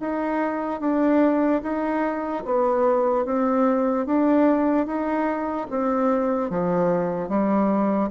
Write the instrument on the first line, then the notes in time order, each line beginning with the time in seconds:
bassoon
0.00 D#4
0.80 D4
1.62 D#4
2.45 B3
3.25 C4
4.06 D4
4.86 D#4
5.70 C4
6.50 F3
7.29 G3